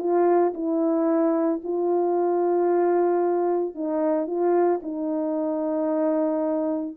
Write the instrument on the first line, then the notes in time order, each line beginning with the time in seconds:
horn
0.00 F4
0.54 E4
1.64 F4
3.75 D#4
4.27 F4
4.83 D#4